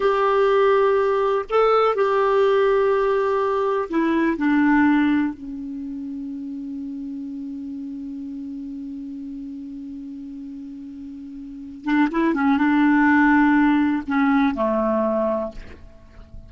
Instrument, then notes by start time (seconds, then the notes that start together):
clarinet
0.00 G4
1.49 A4
1.95 G4
3.89 E4
4.37 D4
5.34 C#4
11.84 D4
12.11 E4
12.34 C#4
12.57 D4
14.07 C#4
14.54 A3